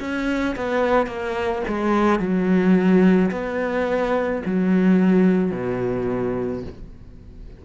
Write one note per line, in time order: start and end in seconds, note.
0.00 0.56 C#4
0.56 1.07 B3
1.07 1.62 A#3
1.68 2.20 G#3
2.20 3.31 F#3
3.31 4.42 B3
4.45 5.52 F#3
5.52 6.63 B2